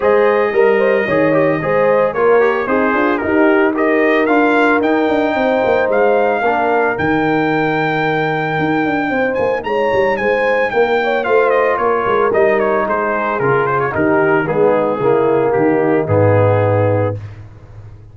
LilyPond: <<
  \new Staff \with { instrumentName = "trumpet" } { \time 4/4 \tempo 4 = 112 dis''1 | cis''4 c''4 ais'4 dis''4 | f''4 g''2 f''4~ | f''4 g''2.~ |
g''4. gis''8 ais''4 gis''4 | g''4 f''8 dis''8 cis''4 dis''8 cis''8 | c''4 ais'8 c''16 cis''16 ais'4 gis'4~ | gis'4 g'4 gis'2 | }
  \new Staff \with { instrumentName = "horn" } { \time 4/4 c''4 ais'8 c''8 cis''4 c''4 | ais'4 dis'8 f'8 g'4 ais'4~ | ais'2 c''2 | ais'1~ |
ais'4 c''4 cis''4 c''4 | ais'8 cis''8 c''4 ais'2 | gis'2 g'4 dis'4 | e'4 dis'2. | }
  \new Staff \with { instrumentName = "trombone" } { \time 4/4 gis'4 ais'4 gis'8 g'8 gis'4 | f'8 g'8 gis'4 dis'4 g'4 | f'4 dis'2. | d'4 dis'2.~ |
dis'1~ | dis'4 f'2 dis'4~ | dis'4 f'4 dis'4 b4 | ais2 b2 | }
  \new Staff \with { instrumentName = "tuba" } { \time 4/4 gis4 g4 dis4 gis4 | ais4 c'8 d'8 dis'2 | d'4 dis'8 d'8 c'8 ais8 gis4 | ais4 dis2. |
dis'8 d'8 c'8 ais8 gis8 g8 gis4 | ais4 a4 ais8 gis8 g4 | gis4 cis4 dis4 gis4 | cis4 dis4 gis,2 | }
>>